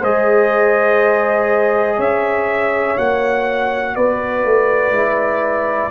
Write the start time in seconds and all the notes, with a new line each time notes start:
0.00 G#3 G#4 C5 D#5
1.97 C#4 C#5 E5
2.98 A#3 F#4 F#5
3.96 B3 B4 D5
4.45 A3
4.91 G#3 E4